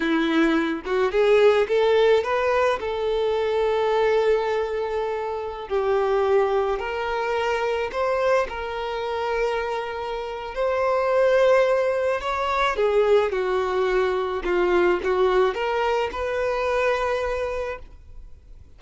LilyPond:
\new Staff \with { instrumentName = "violin" } { \time 4/4 \tempo 4 = 108 e'4. fis'8 gis'4 a'4 | b'4 a'2.~ | a'2~ a'16 g'4.~ g'16~ | g'16 ais'2 c''4 ais'8.~ |
ais'2. c''4~ | c''2 cis''4 gis'4 | fis'2 f'4 fis'4 | ais'4 b'2. | }